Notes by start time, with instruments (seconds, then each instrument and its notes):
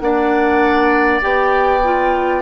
0.00 bassoon A#3, clarinet D4, oboe D5, flute F#5
1.21 bassoon B3, clarinet G4, flute G5
1.84 clarinet F4